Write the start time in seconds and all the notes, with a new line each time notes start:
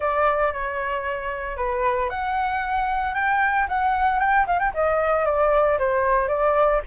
0.00 D5
0.52 C#5
1.56 B4
2.09 F#5
3.14 G5
3.68 F#5
4.19 G5
4.46 F5
4.59 G5
4.74 D#5
5.25 D5
5.78 C5
6.28 D5